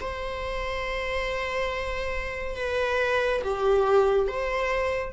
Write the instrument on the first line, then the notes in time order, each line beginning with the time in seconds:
viola
0.00 C5
2.56 B4
3.43 G4
4.27 C5